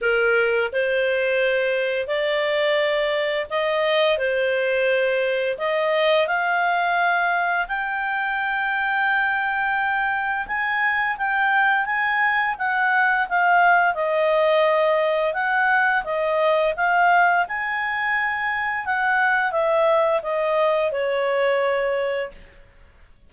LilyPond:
\new Staff \with { instrumentName = "clarinet" } { \time 4/4 \tempo 4 = 86 ais'4 c''2 d''4~ | d''4 dis''4 c''2 | dis''4 f''2 g''4~ | g''2. gis''4 |
g''4 gis''4 fis''4 f''4 | dis''2 fis''4 dis''4 | f''4 gis''2 fis''4 | e''4 dis''4 cis''2 | }